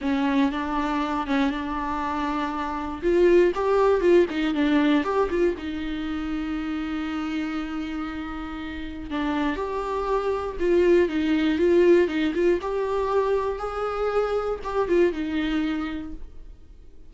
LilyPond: \new Staff \with { instrumentName = "viola" } { \time 4/4 \tempo 4 = 119 cis'4 d'4. cis'8 d'4~ | d'2 f'4 g'4 | f'8 dis'8 d'4 g'8 f'8 dis'4~ | dis'1~ |
dis'2 d'4 g'4~ | g'4 f'4 dis'4 f'4 | dis'8 f'8 g'2 gis'4~ | gis'4 g'8 f'8 dis'2 | }